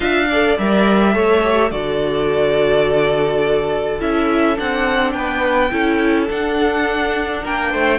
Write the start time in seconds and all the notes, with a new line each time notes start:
0.00 D4 F4 E5 F5
0.29 A4 D5
0.58 G3 A#4 E5
1.12 A3 A4 C#5
1.43 G4
1.71 D3 F#4 A4 D5
3.99 C#4 E4 E5
4.56 C4 D4 F#5
5.11 B3 B4 G5
5.71 C#4 E4 A4
6.29 D4 F#5
7.42 A#3 A#4 G5
7.71 A3 C5